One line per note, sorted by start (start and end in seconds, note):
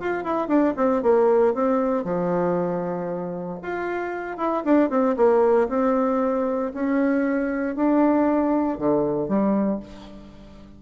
0.00 0.24 F4
0.24 0.48 E4
0.48 0.74 D4
0.77 1.03 C4
1.03 1.54 A#3
1.54 2.04 C4
2.04 3.59 F3
3.62 4.38 F4
4.38 4.63 E4
4.65 4.90 D4
4.90 5.16 C4
5.17 5.68 A#3
5.69 6.72 C4
6.74 7.76 C#4
7.76 8.78 D4
8.78 9.28 D3
9.28 9.80 G3